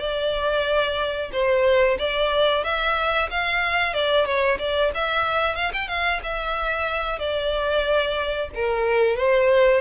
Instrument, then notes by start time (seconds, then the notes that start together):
violin
0.00 D5
1.33 C5
1.99 D5
2.64 E5
3.31 F5
3.94 D5
4.26 C#5
4.59 D5
4.94 E5
5.56 F5
5.74 G5
5.88 F5
6.23 E5
7.19 D5
8.55 A#4
9.17 C5